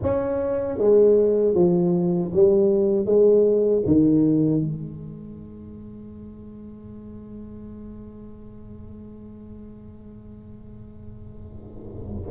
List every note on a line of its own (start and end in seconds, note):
0.02 0.78 C#4
0.78 1.54 G#3
1.54 2.31 F3
2.33 3.05 G3
3.05 3.82 G#3
3.85 4.61 D#3
4.61 12.30 G#3